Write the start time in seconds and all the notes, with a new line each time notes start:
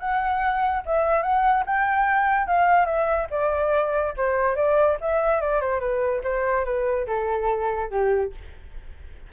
0.00 F#5
0.86 E5
1.23 F#5
1.66 G5
2.47 F5
2.86 E5
3.31 D5
4.17 C5
4.56 D5
5.01 E5
5.41 D5
5.61 C5
5.80 B4
6.24 C5
6.65 B4
7.07 A4
7.91 G4